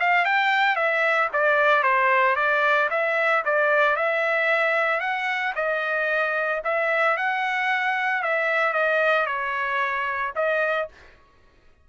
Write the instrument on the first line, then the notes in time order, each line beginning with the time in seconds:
trumpet
0.00 F5
0.25 G5
0.76 E5
1.33 D5
1.83 C5
2.36 D5
2.91 E5
3.45 D5
3.97 E5
5.01 F#5
5.56 D#5
6.64 E5
7.17 F#5
8.23 E5
8.73 D#5
9.27 C#5
10.36 D#5